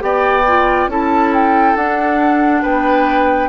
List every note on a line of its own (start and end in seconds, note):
0.00 0.87 B3
0.00 0.43 G4
0.00 0.91 D5
0.00 0.89 G5
0.48 0.91 F4
0.87 1.74 C#4
0.87 1.78 E4
0.87 2.63 A4
0.87 1.34 A5
1.34 1.77 G5
1.76 2.63 D4
1.76 3.49 D4
1.76 2.64 F#5
2.63 3.49 B3
2.63 3.49 B4
2.63 3.49 G5